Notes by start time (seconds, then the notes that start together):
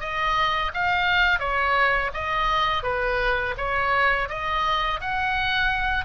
0.00 D#5
0.73 F5
1.39 C#5
2.13 D#5
2.83 B4
3.57 C#5
4.29 D#5
5.00 F#5